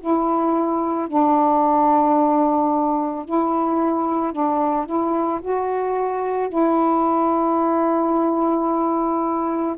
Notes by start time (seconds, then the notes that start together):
0.00 E4
1.08 D4
3.24 E4
4.32 D4
4.85 E4
5.41 F#4
6.49 E4